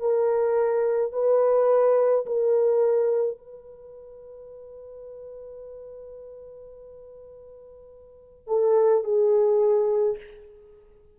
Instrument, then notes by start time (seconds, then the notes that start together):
horn
0.00 A#4
1.13 B4
2.26 A#4
3.38 B4
8.48 A4
9.04 G#4